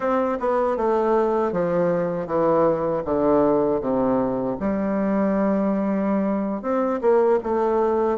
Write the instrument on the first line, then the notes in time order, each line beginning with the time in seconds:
bassoon
0.00 C4
0.39 B3
0.77 A3
1.52 F3
2.26 E3
3.04 D3
3.80 C3
4.59 G3
6.62 C4
7.01 A#3
7.43 A3